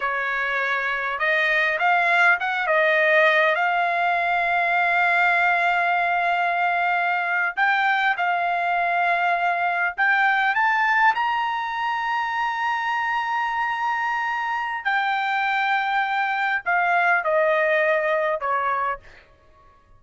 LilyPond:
\new Staff \with { instrumentName = "trumpet" } { \time 4/4 \tempo 4 = 101 cis''2 dis''4 f''4 | fis''8 dis''4. f''2~ | f''1~ | f''8. g''4 f''2~ f''16~ |
f''8. g''4 a''4 ais''4~ ais''16~ | ais''1~ | ais''4 g''2. | f''4 dis''2 cis''4 | }